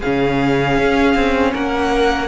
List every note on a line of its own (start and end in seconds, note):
0.00 0.78 C#3
0.00 2.28 C#4
0.00 1.52 G#4
0.00 1.53 F5
0.78 1.15 C#4
1.15 1.53 C4
1.53 2.28 A#3
1.53 2.28 A#4
1.53 2.28 F#5